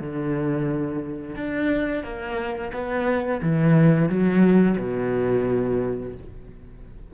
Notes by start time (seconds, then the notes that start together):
0.00 D3
1.36 D4
2.03 A#3
2.73 B3
3.42 E3
4.09 F#3
4.78 B2